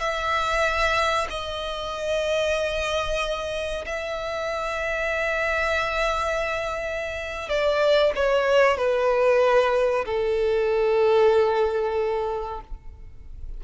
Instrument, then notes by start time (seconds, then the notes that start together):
violin
0.00 E5
1.30 D#5
3.86 E5
7.49 D5
8.15 C#5
8.77 B4
10.06 A4